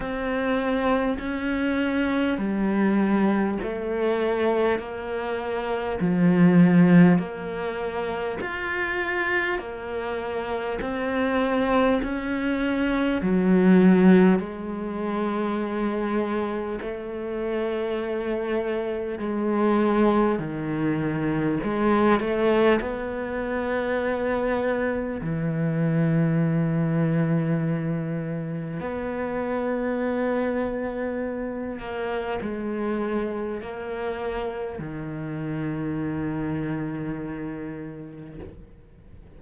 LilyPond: \new Staff \with { instrumentName = "cello" } { \time 4/4 \tempo 4 = 50 c'4 cis'4 g4 a4 | ais4 f4 ais4 f'4 | ais4 c'4 cis'4 fis4 | gis2 a2 |
gis4 dis4 gis8 a8 b4~ | b4 e2. | b2~ b8 ais8 gis4 | ais4 dis2. | }